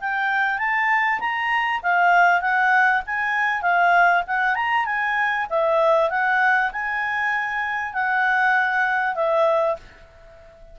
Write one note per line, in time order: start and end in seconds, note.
0.00 0.58 G5
0.58 1.19 A5
1.20 1.81 A#5
1.83 2.41 F5
2.41 3.02 F#5
3.06 3.62 G#5
3.62 4.23 F5
4.27 4.55 F#5
4.55 4.85 A#5
4.85 5.47 G#5
5.50 6.10 E5
6.10 6.71 F#5
6.72 7.93 G#5
7.93 9.15 F#5
9.15 9.76 E5